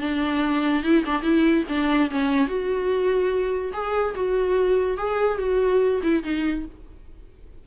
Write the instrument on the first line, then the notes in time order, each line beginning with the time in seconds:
viola
0.00 D4
0.83 E4
1.05 D4
1.22 E4
1.68 D4
2.10 C#4
2.47 F#4
3.73 G#4
4.15 F#4
4.97 G#4
5.38 F#4
6.02 E4
6.23 D#4